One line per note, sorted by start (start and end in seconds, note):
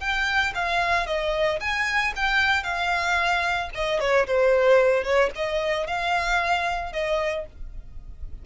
0.00 0.53 G5
0.55 1.07 F5
1.07 1.60 D#5
1.60 2.13 G#5
2.16 2.64 G5
2.64 3.70 F5
3.75 4.00 D#5
4.00 4.26 C#5
4.27 5.04 C5
5.04 5.30 C#5
5.35 5.87 D#5
5.87 6.93 F5
6.93 7.46 D#5